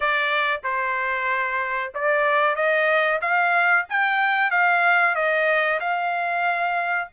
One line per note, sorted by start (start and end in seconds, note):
0.00 0.61 D5
0.63 1.92 C5
1.94 2.55 D5
2.55 3.20 D#5
3.21 3.85 F5
3.89 4.50 G5
4.50 5.15 F5
5.15 5.79 D#5
5.79 7.09 F5